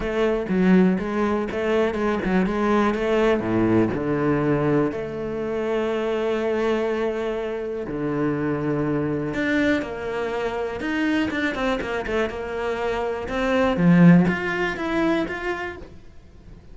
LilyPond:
\new Staff \with { instrumentName = "cello" } { \time 4/4 \tempo 4 = 122 a4 fis4 gis4 a4 | gis8 fis8 gis4 a4 a,4 | d2 a2~ | a1 |
d2. d'4 | ais2 dis'4 d'8 c'8 | ais8 a8 ais2 c'4 | f4 f'4 e'4 f'4 | }